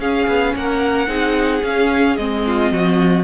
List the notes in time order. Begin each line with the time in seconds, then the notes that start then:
0.00 C#4 G#4 F5
0.28 B3
0.56 A#3 A#4 F#5
1.07 C4 D#4 G#4
1.63 C#4 F5
2.17 G#3 C4 D#5
2.47 F4
2.72 F3 F#4